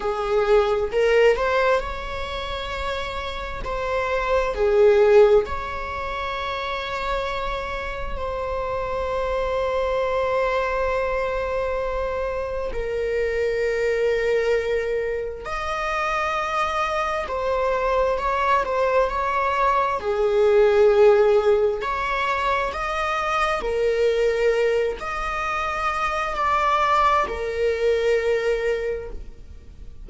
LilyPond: \new Staff \with { instrumentName = "viola" } { \time 4/4 \tempo 4 = 66 gis'4 ais'8 c''8 cis''2 | c''4 gis'4 cis''2~ | cis''4 c''2.~ | c''2 ais'2~ |
ais'4 dis''2 c''4 | cis''8 c''8 cis''4 gis'2 | cis''4 dis''4 ais'4. dis''8~ | dis''4 d''4 ais'2 | }